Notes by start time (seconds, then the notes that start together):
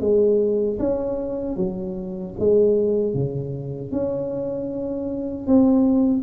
0.00 G#3
0.79 C#4
1.56 F#3
2.39 G#3
3.13 C#3
3.91 C#4
5.47 C4